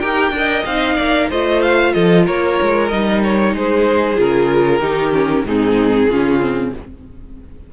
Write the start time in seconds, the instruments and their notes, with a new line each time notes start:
0.00 cello D#4, viola G4, violin A#4 G5
0.31 cello D4, viola A#4
0.38 violin D#5
0.65 cello C4, viola D#4, violin F5
0.96 cello A#3, violin D5
1.29 cello A3, viola F4, violin C5 D#5
1.62 violin F5
1.94 cello F3, violin A4 D#5
2.26 cello A#3, violin A#4 C#5
2.62 cello G#3
2.89 cello G3, viola D#4, violin D#5
3.24 violin C#5
3.54 cello G#3, violin G#4 C5
4.16 cello C#3, viola F4, violin A#4
4.80 cello D#3, viola D#4, violin G4
5.12 viola C#4
5.44 cello G#2, viola C4, violin D#4 G#4
6.10 cello C#3, viola C#4, violin F4
6.41 viola C4